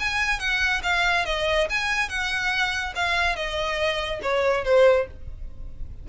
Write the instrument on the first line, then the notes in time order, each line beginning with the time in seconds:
violin
0.00 G#5
0.40 F#5
0.83 F5
1.26 D#5
1.70 G#5
2.09 F#5
2.96 F5
3.36 D#5
4.23 C#5
4.65 C5